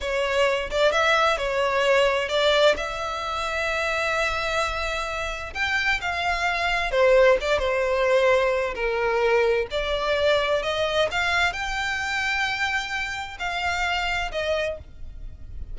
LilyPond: \new Staff \with { instrumentName = "violin" } { \time 4/4 \tempo 4 = 130 cis''4. d''8 e''4 cis''4~ | cis''4 d''4 e''2~ | e''1 | g''4 f''2 c''4 |
d''8 c''2~ c''8 ais'4~ | ais'4 d''2 dis''4 | f''4 g''2.~ | g''4 f''2 dis''4 | }